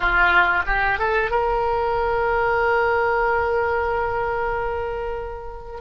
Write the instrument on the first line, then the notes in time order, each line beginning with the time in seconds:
oboe
0.00 F4
0.66 G4
0.99 A4
1.30 A#4